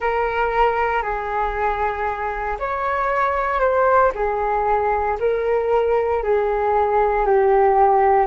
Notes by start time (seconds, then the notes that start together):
0.00 A#4
1.02 G#4
2.59 C#5
3.59 C5
4.14 G#4
5.20 A#4
6.23 G#4
7.26 G4